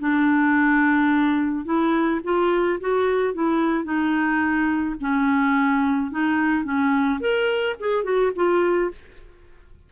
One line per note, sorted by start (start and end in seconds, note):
0.00 1.65 D4
1.65 2.21 E4
2.24 2.80 F4
2.81 3.34 F#4
3.34 3.85 E4
3.85 4.96 D#4
5.01 6.11 C#4
6.11 6.65 D#4
6.65 7.20 C#4
7.21 7.76 A#4
7.80 8.04 G#4
8.04 8.32 F#4
8.36 8.92 F4